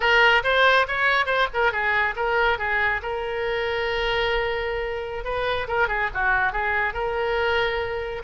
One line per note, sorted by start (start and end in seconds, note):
0.00 0.42 A#4
0.43 0.86 C5
0.87 1.26 C#5
1.26 1.47 C5
1.53 1.71 A#4
1.71 2.14 G#4
2.15 2.58 A#4
2.58 3.01 G#4
3.02 5.24 A#4
5.24 5.67 B4
5.67 5.88 A#4
5.88 6.09 G#4
6.14 6.52 F#4
6.52 6.93 G#4
6.93 8.22 A#4